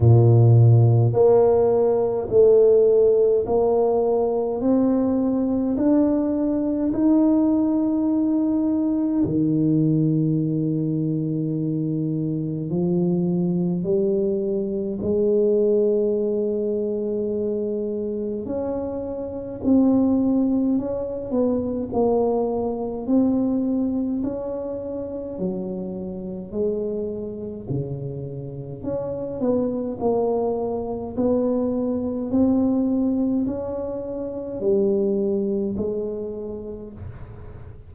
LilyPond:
\new Staff \with { instrumentName = "tuba" } { \time 4/4 \tempo 4 = 52 ais,4 ais4 a4 ais4 | c'4 d'4 dis'2 | dis2. f4 | g4 gis2. |
cis'4 c'4 cis'8 b8 ais4 | c'4 cis'4 fis4 gis4 | cis4 cis'8 b8 ais4 b4 | c'4 cis'4 g4 gis4 | }